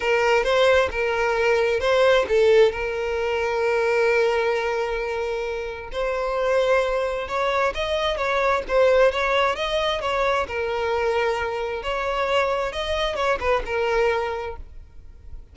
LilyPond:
\new Staff \with { instrumentName = "violin" } { \time 4/4 \tempo 4 = 132 ais'4 c''4 ais'2 | c''4 a'4 ais'2~ | ais'1~ | ais'4 c''2. |
cis''4 dis''4 cis''4 c''4 | cis''4 dis''4 cis''4 ais'4~ | ais'2 cis''2 | dis''4 cis''8 b'8 ais'2 | }